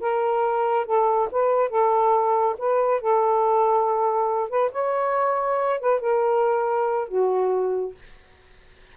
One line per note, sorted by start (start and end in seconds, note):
0.00 0.85 A#4
0.85 1.29 A4
1.31 1.69 B4
1.69 2.55 A4
2.58 3.01 B4
3.01 4.49 A4
4.49 4.71 B4
4.71 5.79 C#5
5.80 6.00 B4
6.00 7.08 A#4
7.08 7.94 F#4